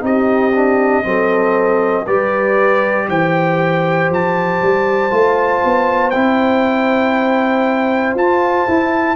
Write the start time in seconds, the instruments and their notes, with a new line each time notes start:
0.00 tuba C4, trombone D#4, horn G4, trumpet D#5
0.54 trombone D4
1.03 tuba F#3, trombone C4, horn A4
2.04 tuba G3, trombone G4, horn B4, trumpet D5
3.08 tuba E3, horn C5, trumpet G5
4.09 tuba F3, trumpet A5
4.61 tuba G3
5.10 tuba A3, trombone F4
5.64 tuba B3
6.10 tuba C4, trombone E4, trumpet G5
8.14 tuba F4, trombone F4, trumpet A5
8.67 trombone E4, tuba E4